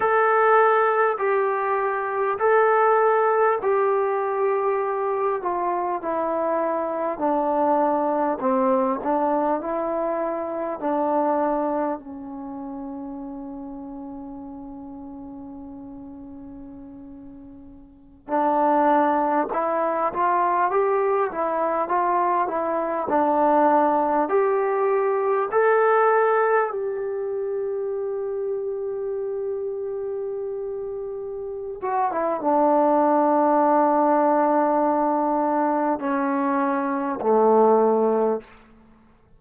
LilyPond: \new Staff \with { instrumentName = "trombone" } { \time 4/4 \tempo 4 = 50 a'4 g'4 a'4 g'4~ | g'8 f'8 e'4 d'4 c'8 d'8 | e'4 d'4 cis'2~ | cis'2.~ cis'16 d'8.~ |
d'16 e'8 f'8 g'8 e'8 f'8 e'8 d'8.~ | d'16 g'4 a'4 g'4.~ g'16~ | g'2~ g'8 fis'16 e'16 d'4~ | d'2 cis'4 a4 | }